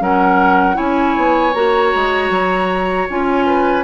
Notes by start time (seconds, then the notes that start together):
0.00 F#3 C#4 A#4 F#5
0.74 C#4 E4 C#5 G#5
1.17 B3
1.54 A#3 F#4 A#5
1.95 G#3
2.30 F#3
3.09 C#4 F4 G#5
3.46 B4